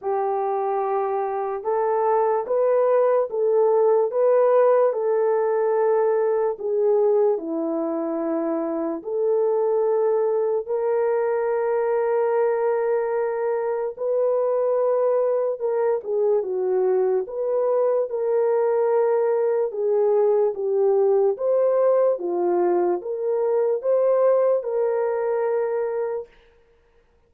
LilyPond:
\new Staff \with { instrumentName = "horn" } { \time 4/4 \tempo 4 = 73 g'2 a'4 b'4 | a'4 b'4 a'2 | gis'4 e'2 a'4~ | a'4 ais'2.~ |
ais'4 b'2 ais'8 gis'8 | fis'4 b'4 ais'2 | gis'4 g'4 c''4 f'4 | ais'4 c''4 ais'2 | }